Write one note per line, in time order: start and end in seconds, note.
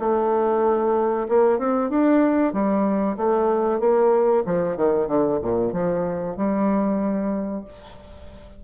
0.00 1.28 A3
1.29 1.59 A#3
1.59 1.90 C4
1.90 2.53 D4
2.53 3.17 G3
3.17 3.80 A3
3.80 4.44 A#3
4.46 4.77 F3
4.77 5.08 D#3
5.08 5.40 D3
5.42 5.73 A#2
5.73 6.37 F3
6.37 7.64 G3